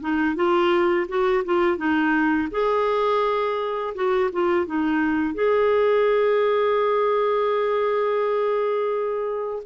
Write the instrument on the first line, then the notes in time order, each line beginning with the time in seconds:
clarinet
0.00 D#4
0.35 F4
1.08 F#4
1.44 F4
1.77 D#4
2.51 G#4
3.94 F#4
4.32 F4
4.66 D#4
5.34 G#4